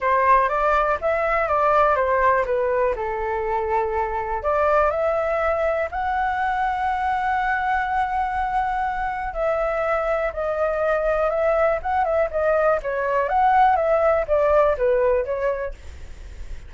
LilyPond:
\new Staff \with { instrumentName = "flute" } { \time 4/4 \tempo 4 = 122 c''4 d''4 e''4 d''4 | c''4 b'4 a'2~ | a'4 d''4 e''2 | fis''1~ |
fis''2. e''4~ | e''4 dis''2 e''4 | fis''8 e''8 dis''4 cis''4 fis''4 | e''4 d''4 b'4 cis''4 | }